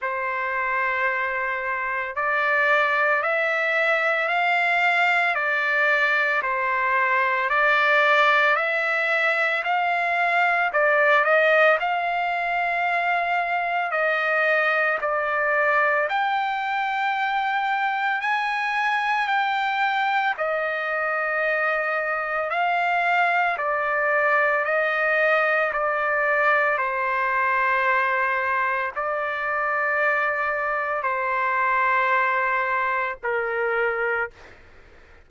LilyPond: \new Staff \with { instrumentName = "trumpet" } { \time 4/4 \tempo 4 = 56 c''2 d''4 e''4 | f''4 d''4 c''4 d''4 | e''4 f''4 d''8 dis''8 f''4~ | f''4 dis''4 d''4 g''4~ |
g''4 gis''4 g''4 dis''4~ | dis''4 f''4 d''4 dis''4 | d''4 c''2 d''4~ | d''4 c''2 ais'4 | }